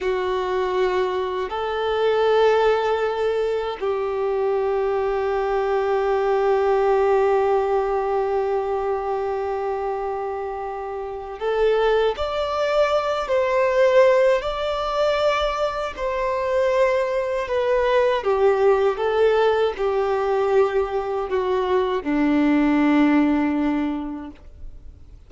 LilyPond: \new Staff \with { instrumentName = "violin" } { \time 4/4 \tempo 4 = 79 fis'2 a'2~ | a'4 g'2.~ | g'1~ | g'2. a'4 |
d''4. c''4. d''4~ | d''4 c''2 b'4 | g'4 a'4 g'2 | fis'4 d'2. | }